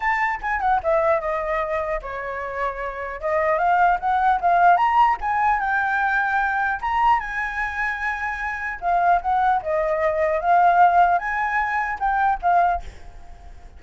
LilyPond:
\new Staff \with { instrumentName = "flute" } { \time 4/4 \tempo 4 = 150 a''4 gis''8 fis''8 e''4 dis''4~ | dis''4 cis''2. | dis''4 f''4 fis''4 f''4 | ais''4 gis''4 g''2~ |
g''4 ais''4 gis''2~ | gis''2 f''4 fis''4 | dis''2 f''2 | gis''2 g''4 f''4 | }